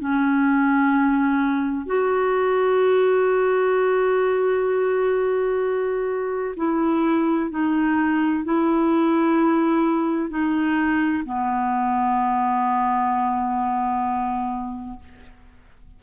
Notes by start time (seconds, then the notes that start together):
0.00 C#4
1.87 F#4
6.57 E4
7.51 D#4
8.45 E4
10.30 D#4
11.25 B3